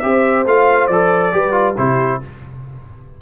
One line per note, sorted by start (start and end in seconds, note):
0.00 0.46 C4
0.00 0.46 G4
0.00 1.35 C5
0.00 0.44 E5
0.46 0.89 A3
0.46 0.91 F4
0.46 0.87 F5
0.87 1.33 F3
0.87 1.32 A4
0.87 1.75 D5
1.32 1.78 G3
1.32 1.52 G4
1.32 1.78 B4
1.52 1.74 F4
1.78 2.22 C3
1.78 2.22 E4
1.78 2.22 G4
1.78 2.21 C5